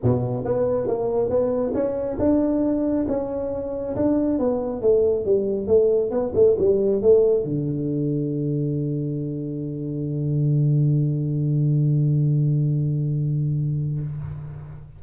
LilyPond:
\new Staff \with { instrumentName = "tuba" } { \time 4/4 \tempo 4 = 137 b,4 b4 ais4 b4 | cis'4 d'2 cis'4~ | cis'4 d'4 b4 a4 | g4 a4 b8 a8 g4 |
a4 d2.~ | d1~ | d1~ | d1 | }